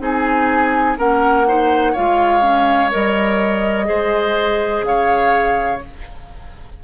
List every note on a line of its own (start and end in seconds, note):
0.00 0.97 C4
0.00 0.97 D#4
0.00 0.98 G#4
0.00 0.98 G#5
0.98 1.95 A#3
0.98 1.46 C#4
0.98 1.47 A#4
0.98 1.95 F#5
1.48 1.96 D#4
1.48 1.93 C5
1.93 2.95 G#3
1.93 2.42 F4
1.93 3.86 C#5
1.93 2.92 F5
2.42 2.90 C#4
2.91 3.90 G3
2.91 3.85 A#4
2.91 4.84 D#5
3.85 4.82 G#3
3.85 5.79 G#4
3.85 4.86 C5
4.82 5.79 C#3
4.82 5.84 C#5
4.82 5.81 F5